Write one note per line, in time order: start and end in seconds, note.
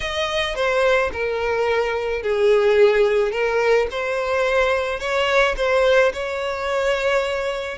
0.00 0.55 D#5
0.55 1.10 C5
1.12 2.22 A#4
2.22 3.31 G#4
3.31 3.87 A#4
3.90 4.99 C5
4.99 5.55 C#5
5.56 6.12 C5
6.13 7.78 C#5